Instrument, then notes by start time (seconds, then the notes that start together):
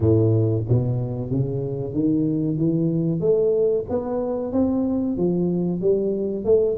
tuba
0.00 A2
0.69 B2
1.31 C#3
1.93 D#3
2.57 E3
3.20 A3
3.89 B3
4.52 C4
5.17 F3
5.81 G3
6.45 A3